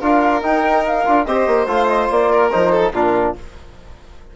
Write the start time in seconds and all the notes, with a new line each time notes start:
0.00 D4 F4 A#4 F5
0.42 D#4 G5
0.86 F5
1.05 D4 F4
1.25 C4 G4 C5 D#5
1.47 A#3
1.67 A3 F4 F5
1.87 D#5
2.10 A#3 D5
2.31 A#4
2.50 F3 D#4 C5
2.71 A4
2.92 A#2 D4 F4 A#4